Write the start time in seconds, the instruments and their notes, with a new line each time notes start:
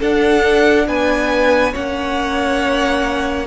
0.00 cello D4, viola D4, violin A4 F#5
0.88 cello B3, violin B4 G#5
1.73 cello A#3, viola C#4, violin C#5 F#5